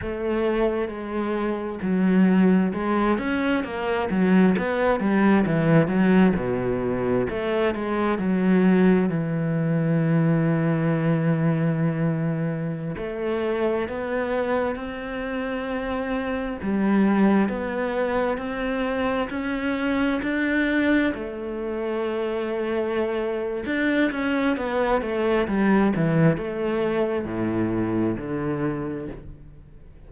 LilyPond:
\new Staff \with { instrumentName = "cello" } { \time 4/4 \tempo 4 = 66 a4 gis4 fis4 gis8 cis'8 | ais8 fis8 b8 g8 e8 fis8 b,4 | a8 gis8 fis4 e2~ | e2~ e16 a4 b8.~ |
b16 c'2 g4 b8.~ | b16 c'4 cis'4 d'4 a8.~ | a2 d'8 cis'8 b8 a8 | g8 e8 a4 a,4 d4 | }